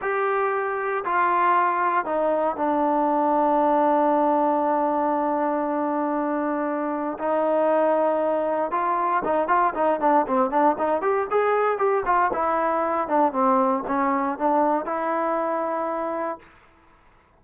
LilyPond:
\new Staff \with { instrumentName = "trombone" } { \time 4/4 \tempo 4 = 117 g'2 f'2 | dis'4 d'2.~ | d'1~ | d'2 dis'2~ |
dis'4 f'4 dis'8 f'8 dis'8 d'8 | c'8 d'8 dis'8 g'8 gis'4 g'8 f'8 | e'4. d'8 c'4 cis'4 | d'4 e'2. | }